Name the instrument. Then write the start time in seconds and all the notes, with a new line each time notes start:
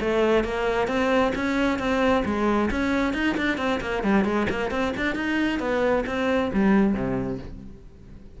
cello
0.00 A3
0.44 A#3
0.87 C4
1.35 C#4
1.78 C4
2.25 G#3
2.70 C#4
3.13 D#4
3.37 D4
3.57 C4
3.80 A#3
4.03 G3
4.24 G#3
4.49 A#3
4.70 C4
4.96 D4
5.15 D#4
5.59 B3
6.06 C4
6.53 G3
6.93 C3